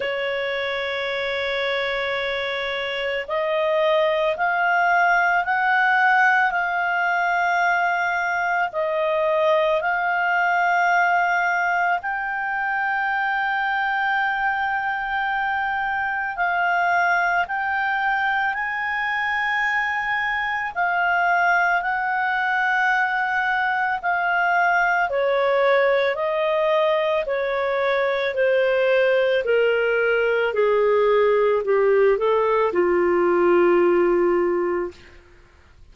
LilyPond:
\new Staff \with { instrumentName = "clarinet" } { \time 4/4 \tempo 4 = 55 cis''2. dis''4 | f''4 fis''4 f''2 | dis''4 f''2 g''4~ | g''2. f''4 |
g''4 gis''2 f''4 | fis''2 f''4 cis''4 | dis''4 cis''4 c''4 ais'4 | gis'4 g'8 a'8 f'2 | }